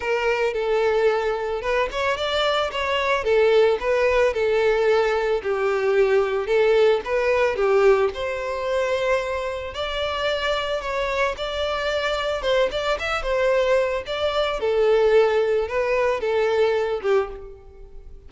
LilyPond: \new Staff \with { instrumentName = "violin" } { \time 4/4 \tempo 4 = 111 ais'4 a'2 b'8 cis''8 | d''4 cis''4 a'4 b'4 | a'2 g'2 | a'4 b'4 g'4 c''4~ |
c''2 d''2 | cis''4 d''2 c''8 d''8 | e''8 c''4. d''4 a'4~ | a'4 b'4 a'4. g'8 | }